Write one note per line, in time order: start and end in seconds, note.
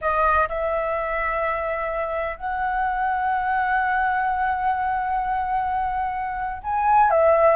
0.01 0.48 D#5
0.49 2.36 E5
2.36 6.62 F#5
6.63 7.10 G#5
7.10 7.56 E5